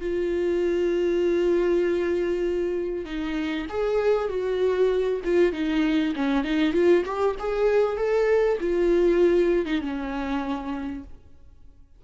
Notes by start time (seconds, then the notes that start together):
0.00 F4
3.05 D#4
3.69 G#4
4.29 F#4
5.24 F4
5.52 D#4
6.16 C#4
6.44 D#4
6.73 F4
7.05 G4
7.39 G#4
7.97 A4
8.60 F4
9.66 D#4
9.81 C#4